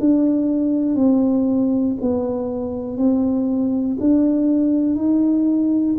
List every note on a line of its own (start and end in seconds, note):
0.00 0.95 D4
0.95 1.95 C4
2.01 2.98 B3
2.98 3.98 C4
4.00 4.96 D4
4.96 5.96 D#4